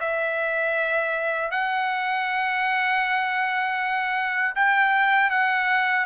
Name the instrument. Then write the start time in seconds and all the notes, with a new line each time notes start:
trumpet
0.00 E5
1.51 F#5
4.55 G5
5.30 F#5